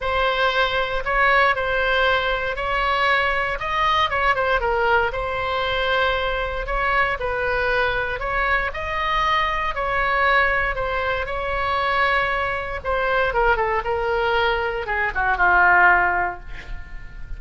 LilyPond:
\new Staff \with { instrumentName = "oboe" } { \time 4/4 \tempo 4 = 117 c''2 cis''4 c''4~ | c''4 cis''2 dis''4 | cis''8 c''8 ais'4 c''2~ | c''4 cis''4 b'2 |
cis''4 dis''2 cis''4~ | cis''4 c''4 cis''2~ | cis''4 c''4 ais'8 a'8 ais'4~ | ais'4 gis'8 fis'8 f'2 | }